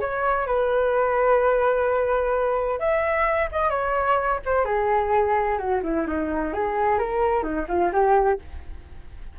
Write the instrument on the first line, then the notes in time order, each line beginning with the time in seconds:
flute
0.00 C#5
0.46 B4
2.79 E5
3.51 D#5
3.70 C#5
4.45 C5
4.65 G#4
5.58 F#4
5.83 E4
6.07 D#4
6.53 G#4
6.98 A#4
7.42 D#4
7.68 F4
7.92 G4